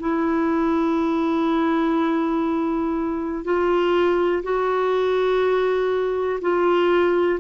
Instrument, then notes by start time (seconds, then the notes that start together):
clarinet
0.00 E4
3.45 F4
4.43 F#4
6.42 F4